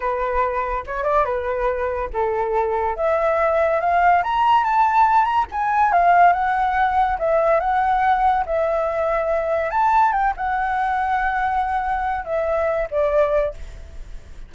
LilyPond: \new Staff \with { instrumentName = "flute" } { \time 4/4 \tempo 4 = 142 b'2 cis''8 d''8 b'4~ | b'4 a'2 e''4~ | e''4 f''4 ais''4 a''4~ | a''8 ais''8 gis''4 f''4 fis''4~ |
fis''4 e''4 fis''2 | e''2. a''4 | g''8 fis''2.~ fis''8~ | fis''4 e''4. d''4. | }